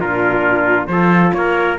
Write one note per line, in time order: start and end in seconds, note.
0.00 0.87 A#2
0.00 0.90 D4
0.00 0.89 F4
0.00 0.87 A#4
0.87 1.32 F3
0.87 1.79 F4
0.87 1.36 A4
0.87 1.31 C5
1.34 1.79 A#3
1.34 1.79 A#4
1.34 1.78 C#5